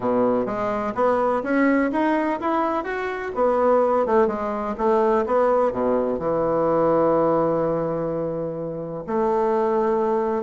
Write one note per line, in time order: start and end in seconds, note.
0.00 0.45 B2
0.45 0.93 G#3
0.94 1.42 B3
1.43 1.90 C#4
1.92 2.39 D#4
2.40 2.83 E4
2.83 3.31 F#4
3.35 4.06 B3
4.06 4.27 A3
4.27 4.75 G#3
4.77 5.25 A3
5.26 5.71 B3
5.71 6.18 B2
6.18 9.04 E3
9.06 10.43 A3